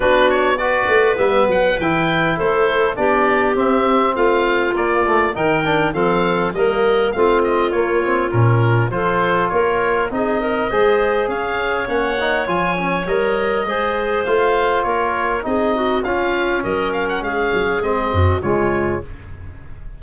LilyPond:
<<
  \new Staff \with { instrumentName = "oboe" } { \time 4/4 \tempo 4 = 101 b'8 cis''8 d''4 e''8 fis''8 g''4 | c''4 d''4 e''4 f''4 | d''4 g''4 f''4 dis''4 | f''8 dis''8 cis''4 ais'4 c''4 |
cis''4 dis''2 f''4 | fis''4 gis''4 dis''2 | f''4 cis''4 dis''4 f''4 | dis''8 f''16 fis''16 f''4 dis''4 cis''4 | }
  \new Staff \with { instrumentName = "clarinet" } { \time 4/4 fis'4 b'2. | a'4 g'2 f'4~ | f'4 ais'4 a'4 ais'4 | f'2. a'4 |
ais'4 gis'8 ais'8 c''4 cis''4~ | cis''2. c''4~ | c''4 ais'4 gis'8 fis'8 f'4 | ais'4 gis'4. fis'8 f'4 | }
  \new Staff \with { instrumentName = "trombone" } { \time 4/4 d'4 fis'4 b4 e'4~ | e'4 d'4 c'2 | ais8 a8 dis'8 d'8 c'4 ais4 | c'4 ais8 c'8 cis'4 f'4~ |
f'4 dis'4 gis'2 | cis'8 dis'8 f'8 cis'8 ais'4 gis'4 | f'2 dis'4 cis'4~ | cis'2 c'4 gis4 | }
  \new Staff \with { instrumentName = "tuba" } { \time 4/4 b4. a8 g8 fis8 e4 | a4 b4 c'4 a4 | ais4 dis4 f4 g4 | a4 ais4 ais,4 f4 |
ais4 c'4 gis4 cis'4 | ais4 f4 g4 gis4 | a4 ais4 c'4 cis'4 | fis4 gis8 fis8 gis8 fis,8 cis4 | }
>>